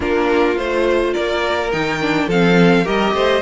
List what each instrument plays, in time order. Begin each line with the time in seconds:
0.00 cello A#3, viola D4, violin F4 A#4
0.56 cello A3, viola F4, violin C5
1.13 cello A#3, violin A#4 D5
1.72 cello D#3, viola D#4, violin G5
2.01 viola D4
2.26 cello F3, viola C4, violin A4 F5
2.84 cello G3, viola G4, violin A#4 D#5
3.13 cello A3, violin C5